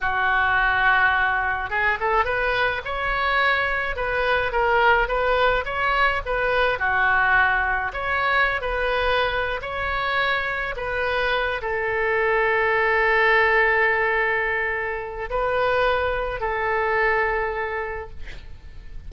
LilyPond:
\new Staff \with { instrumentName = "oboe" } { \time 4/4 \tempo 4 = 106 fis'2. gis'8 a'8 | b'4 cis''2 b'4 | ais'4 b'4 cis''4 b'4 | fis'2 cis''4~ cis''16 b'8.~ |
b'4 cis''2 b'4~ | b'8 a'2.~ a'8~ | a'2. b'4~ | b'4 a'2. | }